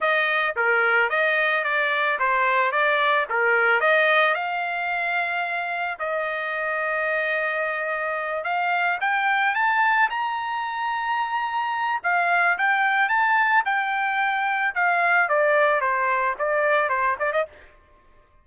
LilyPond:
\new Staff \with { instrumentName = "trumpet" } { \time 4/4 \tempo 4 = 110 dis''4 ais'4 dis''4 d''4 | c''4 d''4 ais'4 dis''4 | f''2. dis''4~ | dis''2.~ dis''8 f''8~ |
f''8 g''4 a''4 ais''4.~ | ais''2 f''4 g''4 | a''4 g''2 f''4 | d''4 c''4 d''4 c''8 d''16 dis''16 | }